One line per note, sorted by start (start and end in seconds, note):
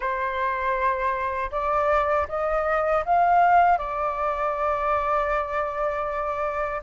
0.00 1.50 C5
1.51 2.27 D5
2.28 3.04 D#5
3.05 3.78 F5
3.78 6.81 D5